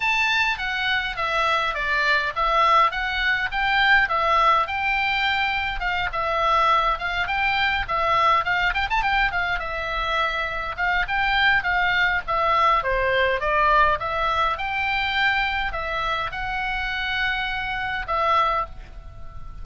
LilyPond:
\new Staff \with { instrumentName = "oboe" } { \time 4/4 \tempo 4 = 103 a''4 fis''4 e''4 d''4 | e''4 fis''4 g''4 e''4 | g''2 f''8 e''4. | f''8 g''4 e''4 f''8 g''16 a''16 g''8 |
f''8 e''2 f''8 g''4 | f''4 e''4 c''4 d''4 | e''4 g''2 e''4 | fis''2. e''4 | }